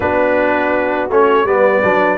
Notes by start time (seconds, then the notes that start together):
0.00 B3 D4 F#4 B4
1.09 A3 C#4 C#5
1.44 G3 B3 B4 D5
1.83 F#3 D4